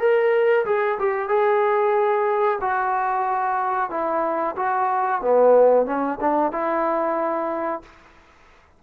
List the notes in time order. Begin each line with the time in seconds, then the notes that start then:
0.00 A#4
0.66 G#4
0.99 G4
1.29 G#4
2.61 F#4
3.90 E4
4.57 F#4
5.22 B3
5.86 C#4
6.21 D4
6.52 E4